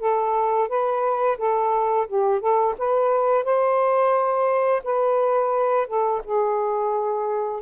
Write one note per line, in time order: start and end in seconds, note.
0.00 0.69 A4
0.69 1.38 B4
1.38 2.07 A4
2.08 2.40 G4
2.40 2.75 A4
2.78 3.44 B4
3.44 4.82 C5
4.84 5.87 B4
5.87 6.22 A4
6.24 7.62 G#4